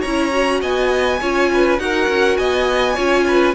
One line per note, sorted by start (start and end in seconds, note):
0.00 0.62 C#4
0.00 0.59 C#5
0.00 0.60 A#5
0.06 0.31 E4
0.31 1.19 F#4
0.61 1.21 B3
0.61 1.19 D#5
0.61 1.79 G#5
1.21 1.78 C#4
1.21 1.78 F4
1.21 1.50 C#5
1.53 1.82 B4
1.78 2.07 D#4
1.78 2.96 F#4
1.78 2.38 A#4
1.78 2.37 F#5
2.07 2.37 C#4
2.37 2.97 B3
2.37 2.94 D#5
2.37 3.54 G#5
2.94 3.54 C#4
2.94 3.54 F4
2.94 3.24 C#5
3.27 3.54 B4